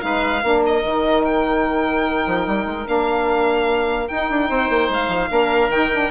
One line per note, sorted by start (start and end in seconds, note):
0.00 0.43 G#3
0.00 0.41 D#4
0.00 0.43 B4
0.00 0.62 F5
0.43 0.83 A#3
0.43 0.83 D4
0.43 4.48 A#4
0.66 1.24 D#5
0.83 2.25 D#3
0.83 2.85 D#4
1.24 2.86 G5
2.26 2.46 F3
2.46 2.65 G3
2.65 2.86 G#3
2.85 4.09 A#3
2.85 4.07 D4
2.85 4.08 F5
4.08 4.30 D#4
4.08 5.29 D#4
4.08 4.89 G5
4.30 4.49 D4
4.48 4.69 C4
4.48 5.29 C5
4.69 4.89 A#3
4.89 5.08 G#3
4.89 5.70 F5
5.08 5.28 F3
5.29 5.68 A#3
5.29 5.69 D4
5.29 6.11 A#4
5.68 6.09 D#3
5.68 5.90 D#4
5.68 6.11 G5
5.91 6.11 D4